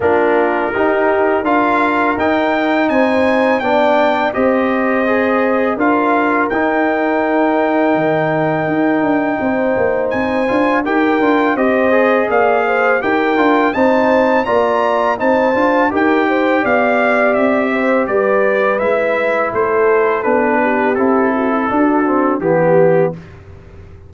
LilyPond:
<<
  \new Staff \with { instrumentName = "trumpet" } { \time 4/4 \tempo 4 = 83 ais'2 f''4 g''4 | gis''4 g''4 dis''2 | f''4 g''2.~ | g''2 gis''4 g''4 |
dis''4 f''4 g''4 a''4 | ais''4 a''4 g''4 f''4 | e''4 d''4 e''4 c''4 | b'4 a'2 g'4 | }
  \new Staff \with { instrumentName = "horn" } { \time 4/4 f'4 g'4 ais'2 | c''4 d''4 c''2 | ais'1~ | ais'4 c''2 ais'4 |
c''4 d''8 c''8 ais'4 c''4 | d''4 c''4 ais'8 c''8 d''4~ | d''8 c''8 b'2 a'4~ | a'8 g'4 fis'16 e'16 fis'4 g'4 | }
  \new Staff \with { instrumentName = "trombone" } { \time 4/4 d'4 dis'4 f'4 dis'4~ | dis'4 d'4 g'4 gis'4 | f'4 dis'2.~ | dis'2~ dis'8 f'8 g'8 f'8 |
g'8 gis'4. g'8 f'8 dis'4 | f'4 dis'8 f'8 g'2~ | g'2 e'2 | d'4 e'4 d'8 c'8 b4 | }
  \new Staff \with { instrumentName = "tuba" } { \time 4/4 ais4 dis'4 d'4 dis'4 | c'4 b4 c'2 | d'4 dis'2 dis4 | dis'8 d'8 c'8 ais8 c'8 d'8 dis'8 d'8 |
c'4 ais4 dis'8 d'8 c'4 | ais4 c'8 d'8 dis'4 b4 | c'4 g4 gis4 a4 | b4 c'4 d'4 e4 | }
>>